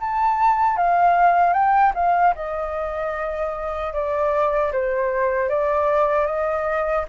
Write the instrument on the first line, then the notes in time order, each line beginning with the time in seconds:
flute
0.00 A5
0.77 F5
1.53 G5
1.94 F5
2.35 D#5
3.93 D5
4.72 C5
5.49 D5
6.26 D#5